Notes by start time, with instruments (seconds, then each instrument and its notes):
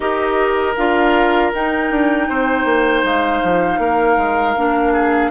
0.00 bassoon D#4, clarinet G4, oboe A#4, flute D#5
0.76 bassoon D4, clarinet F4, flute F5
1.52 clarinet D#4, bassoon D#4, flute G5
1.91 bassoon D4
2.28 bassoon C4, oboe C5
2.65 bassoon A#3
3.03 bassoon G#3, flute F5
3.43 bassoon F3
3.78 bassoon A#3, oboe A#4
4.17 bassoon G#3
4.56 bassoon A#3, clarinet D4
4.92 oboe G#4